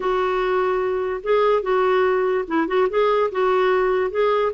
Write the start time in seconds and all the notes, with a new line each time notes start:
0.00 F#4
1.23 G#4
1.62 F#4
2.47 E4
2.67 F#4
2.89 G#4
3.31 F#4
4.11 G#4